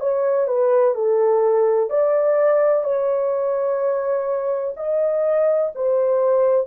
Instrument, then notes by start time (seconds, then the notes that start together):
horn
0.00 C#5
0.47 B4
0.94 A4
1.90 D5
2.84 C#5
4.76 D#5
5.75 C5